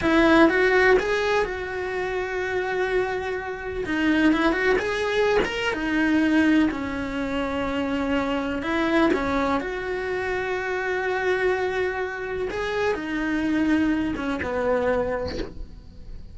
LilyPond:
\new Staff \with { instrumentName = "cello" } { \time 4/4 \tempo 4 = 125 e'4 fis'4 gis'4 fis'4~ | fis'1 | dis'4 e'8 fis'8 gis'4~ gis'16 ais'8. | dis'2 cis'2~ |
cis'2 e'4 cis'4 | fis'1~ | fis'2 gis'4 dis'4~ | dis'4. cis'8 b2 | }